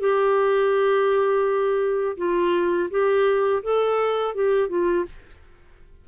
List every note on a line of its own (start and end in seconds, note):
0.00 2.17 G4
2.17 2.89 F4
2.90 3.62 G4
3.63 4.35 A4
4.35 4.69 G4
4.69 5.05 F4